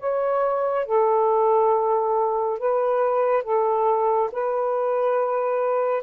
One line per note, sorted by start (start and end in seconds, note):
0.00 0.86 C#5
0.86 2.59 A4
2.59 3.43 B4
3.43 4.30 A4
4.32 6.04 B4